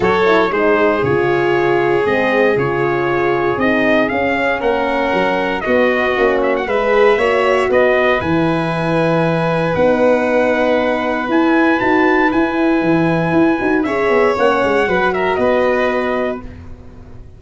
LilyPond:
<<
  \new Staff \with { instrumentName = "trumpet" } { \time 4/4 \tempo 4 = 117 cis''4 c''4 cis''2 | dis''4 cis''2 dis''4 | f''4 fis''2 dis''4~ | dis''8 e''16 fis''16 e''2 dis''4 |
gis''2. fis''4~ | fis''2 gis''4 a''4 | gis''2. e''4 | fis''4. e''8 dis''2 | }
  \new Staff \with { instrumentName = "violin" } { \time 4/4 a'4 gis'2.~ | gis'1~ | gis'4 ais'2 fis'4~ | fis'4 b'4 cis''4 b'4~ |
b'1~ | b'1~ | b'2. cis''4~ | cis''4 b'8 ais'8 b'2 | }
  \new Staff \with { instrumentName = "horn" } { \time 4/4 fis'8 e'8 dis'4 f'2 | c'4 f'2 dis'4 | cis'2. b4 | cis'4 gis'4 fis'2 |
e'2. dis'4~ | dis'2 e'4 fis'4 | e'2~ e'8 fis'8 gis'4 | cis'4 fis'2. | }
  \new Staff \with { instrumentName = "tuba" } { \time 4/4 fis4 gis4 cis2 | gis4 cis2 c'4 | cis'4 ais4 fis4 b4 | ais4 gis4 ais4 b4 |
e2. b4~ | b2 e'4 dis'4 | e'4 e4 e'8 dis'8 cis'8 b8 | ais8 gis8 fis4 b2 | }
>>